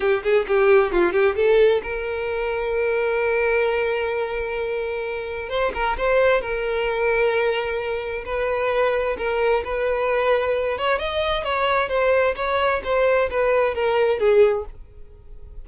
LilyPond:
\new Staff \with { instrumentName = "violin" } { \time 4/4 \tempo 4 = 131 g'8 gis'8 g'4 f'8 g'8 a'4 | ais'1~ | ais'1 | c''8 ais'8 c''4 ais'2~ |
ais'2 b'2 | ais'4 b'2~ b'8 cis''8 | dis''4 cis''4 c''4 cis''4 | c''4 b'4 ais'4 gis'4 | }